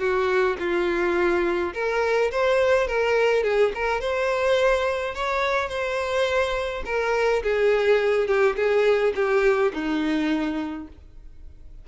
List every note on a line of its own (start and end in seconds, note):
0.00 0.57 F#4
0.59 1.74 F4
1.75 2.32 A#4
2.32 2.88 C5
2.88 3.44 A#4
3.44 3.72 G#4
3.75 4.01 A#4
4.01 5.15 C5
5.15 5.70 C#5
5.70 6.84 C5
6.86 7.43 A#4
7.43 8.28 G#4
8.28 8.56 G4
8.57 9.14 G#4
9.16 9.73 G4
9.74 10.88 D#4